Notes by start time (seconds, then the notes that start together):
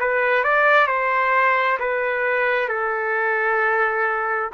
0.00 B4
0.44 D5
0.88 C5
1.79 B4
2.69 A4